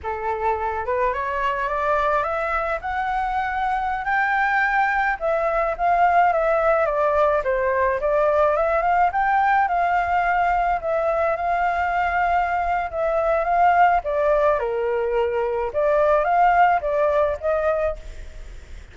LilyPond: \new Staff \with { instrumentName = "flute" } { \time 4/4 \tempo 4 = 107 a'4. b'8 cis''4 d''4 | e''4 fis''2~ fis''16 g''8.~ | g''4~ g''16 e''4 f''4 e''8.~ | e''16 d''4 c''4 d''4 e''8 f''16~ |
f''16 g''4 f''2 e''8.~ | e''16 f''2~ f''8. e''4 | f''4 d''4 ais'2 | d''4 f''4 d''4 dis''4 | }